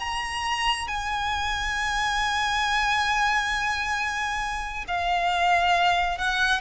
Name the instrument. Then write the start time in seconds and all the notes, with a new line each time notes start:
violin
0.00 A#5
0.88 G#5
4.88 F5
6.18 F#5